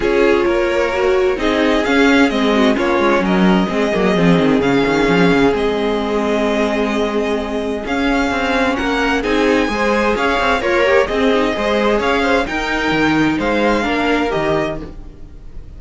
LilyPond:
<<
  \new Staff \with { instrumentName = "violin" } { \time 4/4 \tempo 4 = 130 cis''2. dis''4 | f''4 dis''4 cis''4 dis''4~ | dis''2 f''2 | dis''1~ |
dis''4 f''2 fis''4 | gis''2 f''4 cis''4 | dis''2 f''4 g''4~ | g''4 f''2 dis''4 | }
  \new Staff \with { instrumentName = "violin" } { \time 4/4 gis'4 ais'2 gis'4~ | gis'4. fis'8 f'4 ais'4 | gis'1~ | gis'1~ |
gis'2. ais'4 | gis'4 c''4 cis''4 f'8 g'8 | gis'4 c''4 cis''8 c''8 ais'4~ | ais'4 c''4 ais'2 | }
  \new Staff \with { instrumentName = "viola" } { \time 4/4 f'2 fis'4 dis'4 | cis'4 c'4 cis'2 | c'8 ais8 c'4 cis'2 | c'1~ |
c'4 cis'2. | dis'4 gis'2 ais'4 | c'8 dis'8 gis'2 dis'4~ | dis'2 d'4 g'4 | }
  \new Staff \with { instrumentName = "cello" } { \time 4/4 cis'4 ais2 c'4 | cis'4 gis4 ais8 gis8 fis4 | gis8 fis8 f8 dis8 cis8 dis8 f8 cis8 | gis1~ |
gis4 cis'4 c'4 ais4 | c'4 gis4 cis'8 c'8 ais4 | c'4 gis4 cis'4 dis'4 | dis4 gis4 ais4 dis4 | }
>>